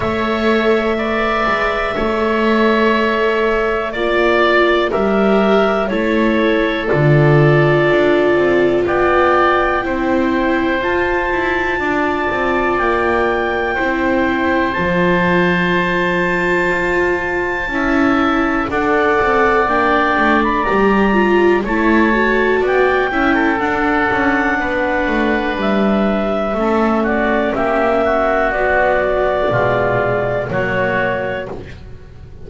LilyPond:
<<
  \new Staff \with { instrumentName = "clarinet" } { \time 4/4 \tempo 4 = 61 e''1 | d''4 e''4 cis''4 d''4~ | d''4 g''2 a''4~ | a''4 g''2 a''4~ |
a''2. fis''4 | g''8. b''16 ais''4 a''4 g''4 | fis''2 e''4. d''8 | e''4 d''2 cis''4 | }
  \new Staff \with { instrumentName = "oboe" } { \time 4/4 cis''4 d''4 cis''2 | d''4 ais'4 a'2~ | a'4 d''4 c''2 | d''2 c''2~ |
c''2 e''4 d''4~ | d''2 cis''4 d''8 e''16 a'16~ | a'4 b'2 a'8 fis'8 | g'8 fis'4. f'4 fis'4 | }
  \new Staff \with { instrumentName = "viola" } { \time 4/4 a'4 b'4 a'2 | f'4 g'4 e'4 f'4~ | f'2 e'4 f'4~ | f'2 e'4 f'4~ |
f'2 e'4 a'4 | d'4 g'8 f'8 e'8 fis'4 e'8 | d'2. cis'4~ | cis'4 fis4 gis4 ais4 | }
  \new Staff \with { instrumentName = "double bass" } { \time 4/4 a4. gis8 a2 | ais4 g4 a4 d4 | d'8 c'8 b4 c'4 f'8 e'8 | d'8 c'8 ais4 c'4 f4~ |
f4 f'4 cis'4 d'8 c'8 | ais8 a8 g4 a4 b8 cis'8 | d'8 cis'8 b8 a8 g4 a4 | ais4 b4 b,4 fis4 | }
>>